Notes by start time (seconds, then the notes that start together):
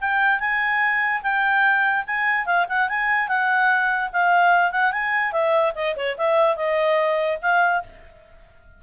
0.00 G5
0.39 G#5
1.22 G5
2.06 G#5
2.45 F5
2.68 F#5
2.88 G#5
3.28 F#5
4.12 F5
4.71 F#5
4.92 G#5
5.32 E5
5.75 D#5
5.96 C#5
6.17 E5
6.56 D#5
7.41 F5